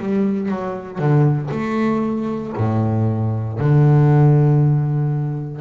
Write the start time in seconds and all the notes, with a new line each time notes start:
0.00 G3
0.49 F#3
0.99 D3
1.52 A3
2.57 A2
3.59 D3